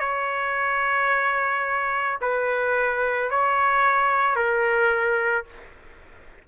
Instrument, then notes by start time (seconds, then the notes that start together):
trumpet
0.00 C#5
2.21 B4
3.31 C#5
4.36 A#4